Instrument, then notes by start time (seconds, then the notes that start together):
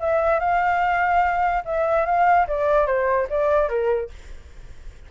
flute
0.00 E5
0.40 F5
1.65 E5
2.06 F5
2.48 D5
2.86 C5
3.30 D5
3.69 A#4